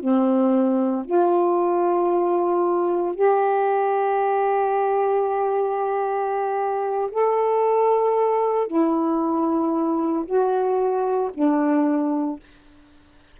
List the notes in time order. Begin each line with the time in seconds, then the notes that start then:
0.00 C4
1.05 F4
3.15 G4
7.11 A4
8.67 E4
10.26 F#4
11.34 D4